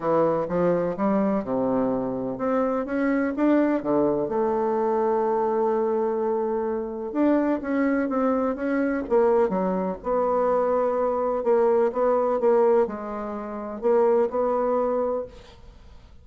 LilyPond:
\new Staff \with { instrumentName = "bassoon" } { \time 4/4 \tempo 4 = 126 e4 f4 g4 c4~ | c4 c'4 cis'4 d'4 | d4 a2.~ | a2. d'4 |
cis'4 c'4 cis'4 ais4 | fis4 b2. | ais4 b4 ais4 gis4~ | gis4 ais4 b2 | }